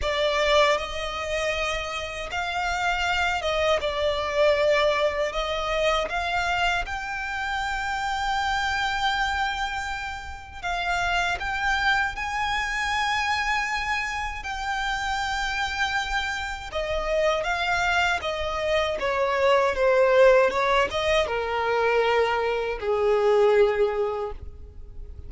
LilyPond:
\new Staff \with { instrumentName = "violin" } { \time 4/4 \tempo 4 = 79 d''4 dis''2 f''4~ | f''8 dis''8 d''2 dis''4 | f''4 g''2.~ | g''2 f''4 g''4 |
gis''2. g''4~ | g''2 dis''4 f''4 | dis''4 cis''4 c''4 cis''8 dis''8 | ais'2 gis'2 | }